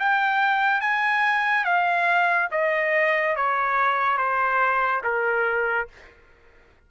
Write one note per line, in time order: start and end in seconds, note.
0.00 0.81 G5
0.81 1.64 G#5
1.64 2.49 F5
2.52 3.36 D#5
3.36 4.18 C#5
4.18 5.02 C5
5.04 5.88 A#4